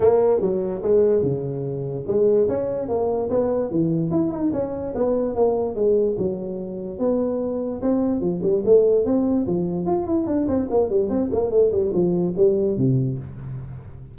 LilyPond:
\new Staff \with { instrumentName = "tuba" } { \time 4/4 \tempo 4 = 146 ais4 fis4 gis4 cis4~ | cis4 gis4 cis'4 ais4 | b4 e4 e'8 dis'8 cis'4 | b4 ais4 gis4 fis4~ |
fis4 b2 c'4 | f8 g8 a4 c'4 f4 | f'8 e'8 d'8 c'8 ais8 g8 c'8 ais8 | a8 g8 f4 g4 c4 | }